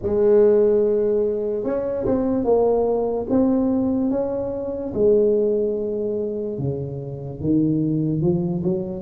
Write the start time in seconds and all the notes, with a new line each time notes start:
0.02 G#3
1.64 C#4
2.05 C4
2.44 A#3
3.29 C4
4.10 C#4
4.94 G#3
6.58 C#3
7.40 D#3
8.21 F3
8.63 F#3